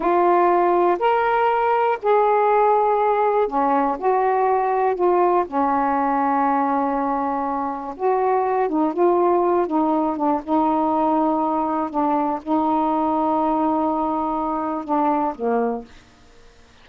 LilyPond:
\new Staff \with { instrumentName = "saxophone" } { \time 4/4 \tempo 4 = 121 f'2 ais'2 | gis'2. cis'4 | fis'2 f'4 cis'4~ | cis'1 |
fis'4. dis'8 f'4. dis'8~ | dis'8 d'8 dis'2. | d'4 dis'2.~ | dis'2 d'4 ais4 | }